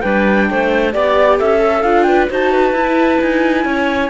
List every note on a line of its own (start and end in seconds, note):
0.00 0.50 G3
0.00 0.92 D4
0.00 0.47 B4
0.00 0.91 G5
0.50 0.94 A3
0.50 0.93 C5
0.92 1.40 B3
0.92 1.59 G4
0.92 1.38 D5
1.38 1.83 C#4
1.38 2.06 A4
1.38 1.82 E5
1.59 1.81 A4
1.82 2.29 D4
1.82 2.29 F4
1.82 2.03 F5
2.03 2.30 B4
2.03 2.25 G5
2.30 2.72 D#4
2.30 2.75 F#4
2.30 2.52 C5
2.30 3.22 A5
2.52 3.66 B4
2.72 3.18 E4
2.72 4.09 E4
3.21 3.64 D#4
3.21 4.09 G#5
3.64 4.09 C#4
3.64 4.09 C#5